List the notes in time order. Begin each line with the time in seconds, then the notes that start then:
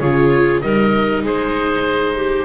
0.00 C#3 F4 G#4 C#5
0.61 G3 D#4 A#4 D#5
1.23 G#3 G#4 C5
2.15 G4